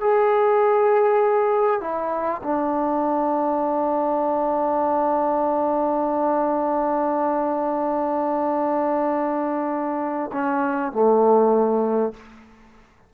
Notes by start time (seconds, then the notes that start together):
0.00 G#4
1.80 E4
2.43 D4
10.32 C#4
10.92 A3